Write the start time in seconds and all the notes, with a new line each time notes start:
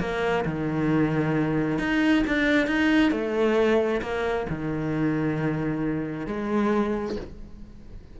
0.00 A#3
0.45 D#3
1.79 D#4
2.27 D4
2.68 D#4
3.12 A3
4.02 A#3
4.50 D#3
6.27 G#3